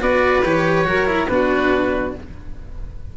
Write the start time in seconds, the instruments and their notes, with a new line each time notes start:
0.00 tuba B3, cello F#4, violin B4, oboe D5
0.44 tuba E3, cello G4, oboe C#5
0.84 tuba F#3, cello F#4, violin A#4
1.06 cello E4
1.28 tuba B3, cello D4, violin F#4, oboe B4